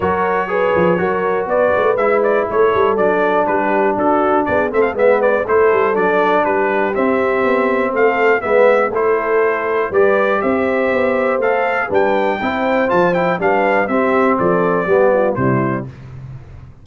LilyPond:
<<
  \new Staff \with { instrumentName = "trumpet" } { \time 4/4 \tempo 4 = 121 cis''2. d''4 | e''8 d''8 cis''4 d''4 b'4 | a'4 d''8 e''16 f''16 e''8 d''8 c''4 | d''4 b'4 e''2 |
f''4 e''4 c''2 | d''4 e''2 f''4 | g''2 a''8 g''8 f''4 | e''4 d''2 c''4 | }
  \new Staff \with { instrumentName = "horn" } { \time 4/4 ais'4 b'4 ais'4 b'4~ | b'4 a'2 g'4 | fis'4 gis'8 a'8 b'4 a'4~ | a'4 g'2. |
a'4 b'4 a'2 | b'4 c''2. | b'4 c''2 b'4 | g'4 a'4 g'8 f'8 e'4 | }
  \new Staff \with { instrumentName = "trombone" } { \time 4/4 fis'4 gis'4 fis'2 | e'2 d'2~ | d'4. c'8 b4 e'4 | d'2 c'2~ |
c'4 b4 e'2 | g'2. a'4 | d'4 e'4 f'8 e'8 d'4 | c'2 b4 g4 | }
  \new Staff \with { instrumentName = "tuba" } { \time 4/4 fis4. f8 fis4 b8 a8 | gis4 a8 g8 fis4 g4 | d'4 b8 a8 gis4 a8 g8 | fis4 g4 c'4 b4 |
a4 gis4 a2 | g4 c'4 b4 a4 | g4 c'4 f4 g4 | c'4 f4 g4 c4 | }
>>